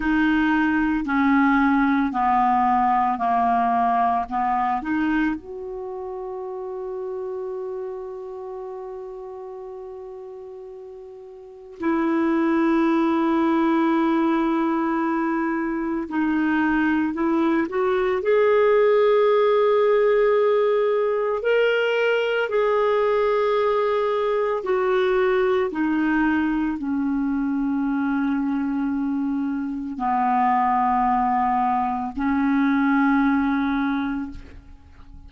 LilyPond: \new Staff \with { instrumentName = "clarinet" } { \time 4/4 \tempo 4 = 56 dis'4 cis'4 b4 ais4 | b8 dis'8 fis'2.~ | fis'2. e'4~ | e'2. dis'4 |
e'8 fis'8 gis'2. | ais'4 gis'2 fis'4 | dis'4 cis'2. | b2 cis'2 | }